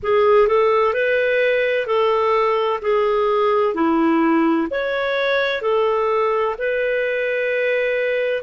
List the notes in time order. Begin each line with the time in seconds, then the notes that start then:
0.03 G#4
0.47 A4
0.93 B4
1.86 A4
2.81 G#4
3.74 E4
4.70 C#5
5.61 A4
6.58 B4